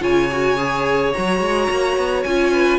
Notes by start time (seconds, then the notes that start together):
0.00 C#3 F4 C#5 G#5
0.32 F#4
0.57 G#4
1.13 F#3 F#4 A#5
1.40 G#3
1.70 A#3
1.97 B3
2.23 C#4 F4 G#5
2.53 B4